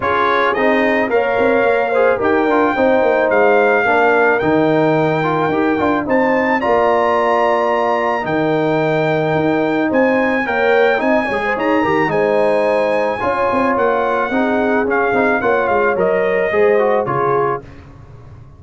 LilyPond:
<<
  \new Staff \with { instrumentName = "trumpet" } { \time 4/4 \tempo 4 = 109 cis''4 dis''4 f''2 | g''2 f''2 | g''2. a''4 | ais''2. g''4~ |
g''2 gis''4 g''4 | gis''4 ais''4 gis''2~ | gis''4 fis''2 f''4 | fis''8 f''8 dis''2 cis''4 | }
  \new Staff \with { instrumentName = "horn" } { \time 4/4 gis'2 cis''4. c''8 | ais'4 c''2 ais'4~ | ais'2. c''4 | d''2. ais'4~ |
ais'2 c''4 cis''4 | dis''8 cis''16 c''16 cis''8 ais'8 c''2 | cis''2 gis'2 | cis''2 c''4 gis'4 | }
  \new Staff \with { instrumentName = "trombone" } { \time 4/4 f'4 dis'4 ais'4. gis'8 | g'8 f'8 dis'2 d'4 | dis'4. f'8 g'8 f'8 dis'4 | f'2. dis'4~ |
dis'2. ais'4 | dis'8 gis'4 g'8 dis'2 | f'2 dis'4 cis'8 dis'8 | f'4 ais'4 gis'8 fis'8 f'4 | }
  \new Staff \with { instrumentName = "tuba" } { \time 4/4 cis'4 c'4 ais8 c'8 ais4 | dis'8 d'8 c'8 ais8 gis4 ais4 | dis2 dis'8 d'8 c'4 | ais2. dis4~ |
dis4 dis'4 c'4 ais4 | c'8 gis8 dis'8 dis8 gis2 | cis'8 c'8 ais4 c'4 cis'8 c'8 | ais8 gis8 fis4 gis4 cis4 | }
>>